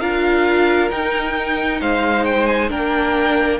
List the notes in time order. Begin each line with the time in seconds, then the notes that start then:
0.00 D4 F4 A#4 F5
0.91 D#4 G5
1.81 G#3 C5 F5
2.25 G5
2.46 G#5
2.69 A#3 D4 A#4 G5